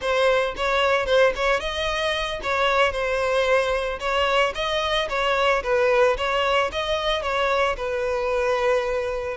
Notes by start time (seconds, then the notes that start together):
0.01 C5
0.56 C#5
1.06 C5
1.35 C#5
1.59 D#5
2.42 C#5
2.91 C5
3.99 C#5
4.54 D#5
5.09 C#5
5.63 B4
6.17 C#5
6.72 D#5
7.22 C#5
7.76 B4